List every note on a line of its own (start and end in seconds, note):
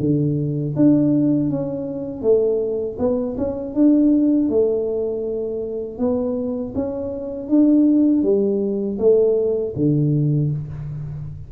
0.00 0.75 D3
0.76 1.50 D4
1.50 2.22 C#4
2.22 2.97 A3
2.99 3.36 B3
3.38 3.74 C#4
3.74 4.49 D4
4.49 5.99 A3
5.99 6.74 B3
6.75 7.49 C#4
7.49 8.23 D4
8.23 8.98 G3
8.99 9.74 A3
9.76 10.51 D3